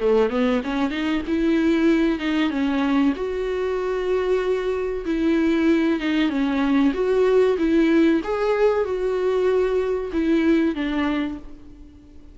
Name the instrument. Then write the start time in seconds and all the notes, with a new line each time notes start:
viola
0.00 A3
0.30 B3
0.64 C#4
0.91 D#4
1.28 E4
2.19 D#4
2.51 C#4
3.16 F#4
5.06 E4
6.00 D#4
6.30 C#4
6.94 F#4
7.58 E4
8.24 G#4
8.85 F#4
10.13 E4
10.75 D4